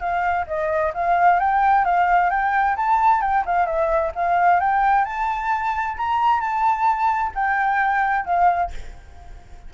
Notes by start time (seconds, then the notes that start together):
0.00 F5
0.47 D#5
0.94 F5
1.39 G5
1.85 F5
2.30 G5
2.76 A5
3.21 G5
3.45 F5
3.66 E5
4.15 F5
4.60 G5
5.05 A5
5.97 A#5
6.40 A5
7.35 G5
8.25 F5